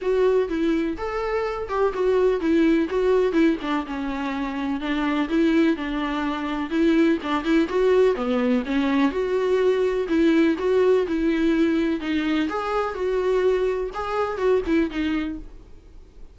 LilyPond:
\new Staff \with { instrumentName = "viola" } { \time 4/4 \tempo 4 = 125 fis'4 e'4 a'4. g'8 | fis'4 e'4 fis'4 e'8 d'8 | cis'2 d'4 e'4 | d'2 e'4 d'8 e'8 |
fis'4 b4 cis'4 fis'4~ | fis'4 e'4 fis'4 e'4~ | e'4 dis'4 gis'4 fis'4~ | fis'4 gis'4 fis'8 e'8 dis'4 | }